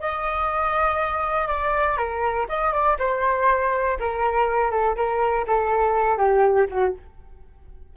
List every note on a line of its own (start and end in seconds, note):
0.00 1.48 D#5
1.48 1.97 D5
1.97 2.47 A#4
2.49 2.73 D#5
2.73 2.98 D5
2.99 3.98 C5
3.99 4.71 A#4
4.71 4.96 A4
4.96 5.45 A#4
5.47 6.18 A4
6.18 6.67 G4
6.69 6.94 F#4